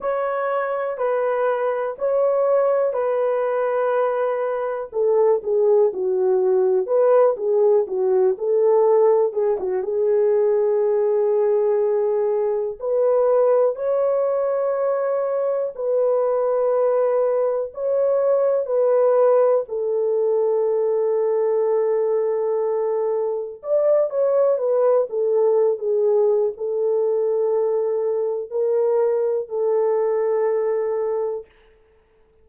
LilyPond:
\new Staff \with { instrumentName = "horn" } { \time 4/4 \tempo 4 = 61 cis''4 b'4 cis''4 b'4~ | b'4 a'8 gis'8 fis'4 b'8 gis'8 | fis'8 a'4 gis'16 fis'16 gis'2~ | gis'4 b'4 cis''2 |
b'2 cis''4 b'4 | a'1 | d''8 cis''8 b'8 a'8. gis'8. a'4~ | a'4 ais'4 a'2 | }